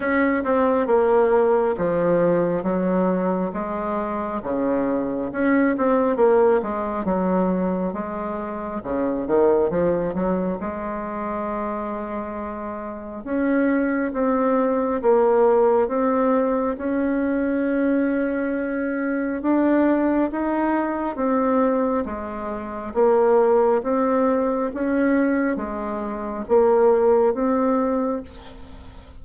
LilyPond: \new Staff \with { instrumentName = "bassoon" } { \time 4/4 \tempo 4 = 68 cis'8 c'8 ais4 f4 fis4 | gis4 cis4 cis'8 c'8 ais8 gis8 | fis4 gis4 cis8 dis8 f8 fis8 | gis2. cis'4 |
c'4 ais4 c'4 cis'4~ | cis'2 d'4 dis'4 | c'4 gis4 ais4 c'4 | cis'4 gis4 ais4 c'4 | }